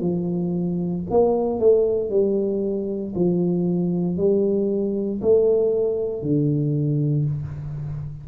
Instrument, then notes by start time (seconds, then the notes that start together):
tuba
0.00 F3
1.10 A#3
1.59 A3
2.10 G3
3.15 F3
4.17 G3
5.21 A3
6.22 D3